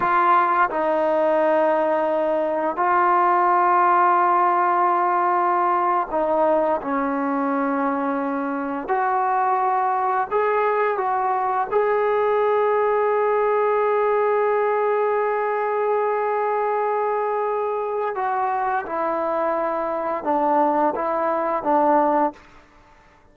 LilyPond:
\new Staff \with { instrumentName = "trombone" } { \time 4/4 \tempo 4 = 86 f'4 dis'2. | f'1~ | f'8. dis'4 cis'2~ cis'16~ | cis'8. fis'2 gis'4 fis'16~ |
fis'8. gis'2.~ gis'16~ | gis'1~ | gis'2 fis'4 e'4~ | e'4 d'4 e'4 d'4 | }